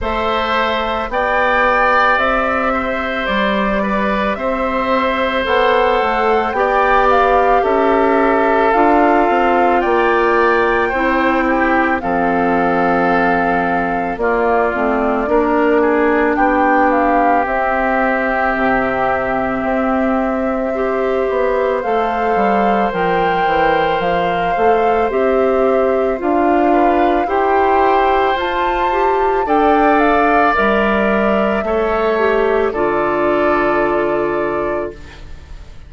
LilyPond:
<<
  \new Staff \with { instrumentName = "flute" } { \time 4/4 \tempo 4 = 55 e''4 g''4 e''4 d''4 | e''4 fis''4 g''8 f''8 e''4 | f''4 g''2 f''4~ | f''4 d''2 g''8 f''8 |
e''1 | f''4 g''4 f''4 e''4 | f''4 g''4 a''4 g''8 f''8 | e''2 d''2 | }
  \new Staff \with { instrumentName = "oboe" } { \time 4/4 c''4 d''4. c''4 b'8 | c''2 d''4 a'4~ | a'4 d''4 c''8 g'8 a'4~ | a'4 f'4 ais'8 gis'8 g'4~ |
g'2. c''4~ | c''1~ | c''8 b'8 c''2 d''4~ | d''4 cis''4 a'2 | }
  \new Staff \with { instrumentName = "clarinet" } { \time 4/4 a'4 g'2.~ | g'4 a'4 g'2 | f'2 e'4 c'4~ | c'4 ais8 c'8 d'2 |
c'2. g'4 | a'4 ais'4. a'8 g'4 | f'4 g'4 f'8 g'8 a'4 | ais'4 a'8 g'8 f'2 | }
  \new Staff \with { instrumentName = "bassoon" } { \time 4/4 a4 b4 c'4 g4 | c'4 b8 a8 b4 cis'4 | d'8 c'8 ais4 c'4 f4~ | f4 ais8 a8 ais4 b4 |
c'4 c4 c'4. b8 | a8 g8 f8 e8 f8 a8 c'4 | d'4 e'4 f'4 d'4 | g4 a4 d2 | }
>>